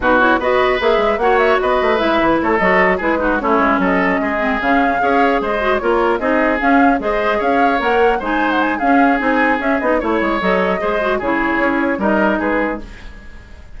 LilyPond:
<<
  \new Staff \with { instrumentName = "flute" } { \time 4/4 \tempo 4 = 150 b'8 cis''8 dis''4 e''4 fis''8 e''8 | dis''4 e''4 cis''8 dis''4 b'8~ | b'8 cis''4 dis''2 f''8~ | f''4. dis''4 cis''4 dis''8~ |
dis''8 f''4 dis''4 f''4 fis''8~ | fis''8 gis''8. fis''16 gis''8 f''4 gis''4 | e''8 dis''8 cis''4 dis''2 | cis''2 dis''4 b'4 | }
  \new Staff \with { instrumentName = "oboe" } { \time 4/4 fis'4 b'2 cis''4 | b'2 a'4. gis'8 | fis'8 e'4 a'4 gis'4.~ | gis'8 cis''4 c''4 ais'4 gis'8~ |
gis'4. c''4 cis''4.~ | cis''8 c''4. gis'2~ | gis'4 cis''2 c''4 | gis'2 ais'4 gis'4 | }
  \new Staff \with { instrumentName = "clarinet" } { \time 4/4 dis'8 e'8 fis'4 gis'4 fis'4~ | fis'4 e'4. fis'4 e'8 | dis'8 cis'2~ cis'8 c'8 cis'8~ | cis'8 gis'4. fis'8 f'4 dis'8~ |
dis'8 cis'4 gis'2 ais'8~ | ais'8 dis'4. cis'4 dis'4 | cis'8 dis'8 e'4 a'4 gis'8 fis'8 | e'2 dis'2 | }
  \new Staff \with { instrumentName = "bassoon" } { \time 4/4 b,4 b4 ais8 gis8 ais4 | b8 a8 gis8 e8 a8 fis4 gis8~ | gis8 a8 gis8 fis4 gis4 cis8~ | cis8 cis'4 gis4 ais4 c'8~ |
c'8 cis'4 gis4 cis'4 ais8~ | ais8 gis4. cis'4 c'4 | cis'8 b8 a8 gis8 fis4 gis4 | cis4 cis'4 g4 gis4 | }
>>